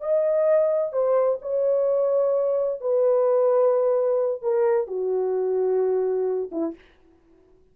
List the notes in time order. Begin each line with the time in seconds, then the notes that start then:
0.00 D#5
0.92 C5
1.41 C#5
2.80 B4
4.42 A#4
4.87 F#4
6.51 E4